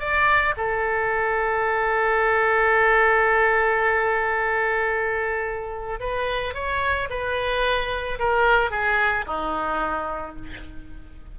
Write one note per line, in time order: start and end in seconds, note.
0.00 0.55 D5
0.57 6.00 A4
6.00 6.54 B4
6.54 7.09 C#5
7.10 8.19 B4
8.19 8.70 A#4
8.70 9.25 G#4
9.27 10.36 D#4